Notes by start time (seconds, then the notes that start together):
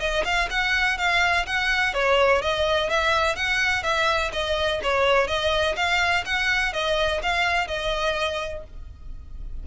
0.00 D#5
0.25 F5
0.50 F#5
0.98 F5
1.46 F#5
1.94 C#5
2.42 D#5
2.90 E5
3.36 F#5
3.83 E5
4.33 D#5
4.83 C#5
5.28 D#5
5.76 F5
6.26 F#5
6.73 D#5
7.23 F5
7.68 D#5